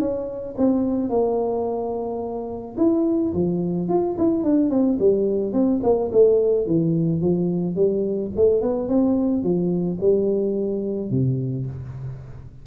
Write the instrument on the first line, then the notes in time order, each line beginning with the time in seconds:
tuba
0.00 C#4
0.58 C4
1.10 A#3
2.78 E4
3.34 F3
3.89 F4
4.18 E4
4.44 D4
4.71 C4
4.99 G3
5.53 C4
5.84 A#3
6.13 A3
6.67 E3
7.22 F3
7.76 G3
8.37 A3
8.62 B3
8.89 C4
9.43 F3
10.01 G3
11.11 C3